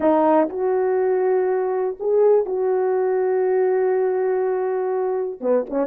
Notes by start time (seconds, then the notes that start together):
0.00 D#4
0.49 F#4
1.99 G#4
2.45 F#4
5.40 B3
5.69 C#4